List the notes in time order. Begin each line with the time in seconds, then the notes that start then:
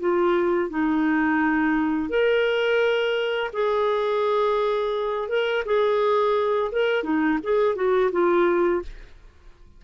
0.00 F4
0.70 D#4
2.10 A#4
3.53 G#4
5.29 A#4
5.66 G#4
6.72 A#4
7.03 D#4
7.43 G#4
7.76 F#4
8.12 F4